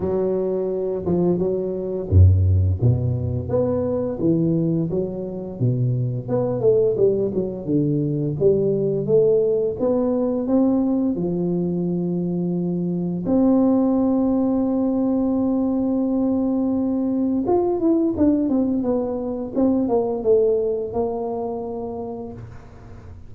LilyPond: \new Staff \with { instrumentName = "tuba" } { \time 4/4 \tempo 4 = 86 fis4. f8 fis4 fis,4 | b,4 b4 e4 fis4 | b,4 b8 a8 g8 fis8 d4 | g4 a4 b4 c'4 |
f2. c'4~ | c'1~ | c'4 f'8 e'8 d'8 c'8 b4 | c'8 ais8 a4 ais2 | }